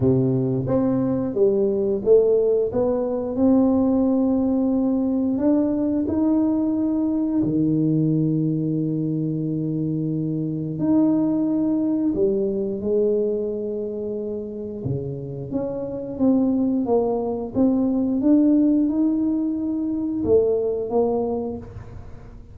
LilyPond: \new Staff \with { instrumentName = "tuba" } { \time 4/4 \tempo 4 = 89 c4 c'4 g4 a4 | b4 c'2. | d'4 dis'2 dis4~ | dis1 |
dis'2 g4 gis4~ | gis2 cis4 cis'4 | c'4 ais4 c'4 d'4 | dis'2 a4 ais4 | }